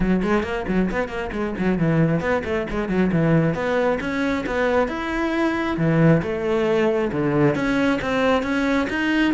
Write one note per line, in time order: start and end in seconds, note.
0.00 0.22 F#3
0.23 0.43 G#3
0.43 0.65 A#3
0.67 0.90 F#3
0.91 1.08 B3
1.08 1.30 A#3
1.32 1.54 G#3
1.58 1.78 F#3
1.78 2.20 E3
2.20 2.42 B3
2.44 2.66 A3
2.69 2.88 G#3
2.88 3.11 F#3
3.12 3.54 E3
3.54 3.98 B3
4.00 4.44 C#4
4.46 4.88 B3
4.88 5.77 E4
5.77 6.21 E3
6.22 7.11 A3
7.12 7.55 D3
7.55 7.99 C#4
8.01 8.43 C4
8.43 8.87 C#4
8.89 9.33 D#4